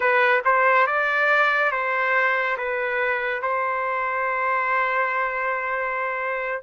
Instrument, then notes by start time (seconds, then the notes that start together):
trumpet
0.00 B4
0.44 C5
0.86 D5
1.71 C5
2.57 B4
3.41 C5